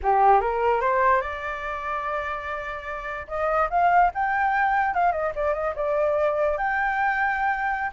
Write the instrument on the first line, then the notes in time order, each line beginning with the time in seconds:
flute
0.03 G4
0.41 A#4
0.81 C5
1.21 D5
3.27 D#5
3.70 F5
4.14 G5
4.94 F5
5.12 D#5
5.35 D5
5.53 D#5
5.75 D5
6.57 G5